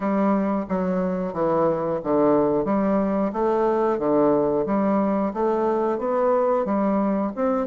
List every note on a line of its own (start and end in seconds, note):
0.00 0.65 G3
0.68 1.33 F#3
1.33 2.00 E3
2.03 2.65 D3
2.65 3.31 G3
3.32 3.98 A3
3.98 4.65 D3
4.66 5.32 G3
5.33 5.98 A3
5.98 6.65 B3
6.65 7.32 G3
7.35 7.66 C4